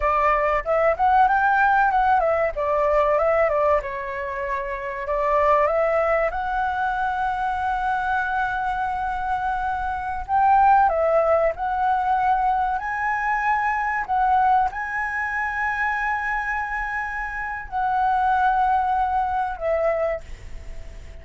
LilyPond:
\new Staff \with { instrumentName = "flute" } { \time 4/4 \tempo 4 = 95 d''4 e''8 fis''8 g''4 fis''8 e''8 | d''4 e''8 d''8 cis''2 | d''4 e''4 fis''2~ | fis''1~ |
fis''16 g''4 e''4 fis''4.~ fis''16~ | fis''16 gis''2 fis''4 gis''8.~ | gis''1 | fis''2. e''4 | }